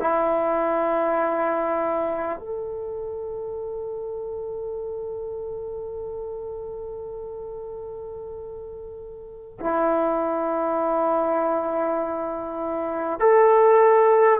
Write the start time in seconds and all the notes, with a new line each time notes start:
0.00 E4
2.38 A4
9.60 E4
13.19 A4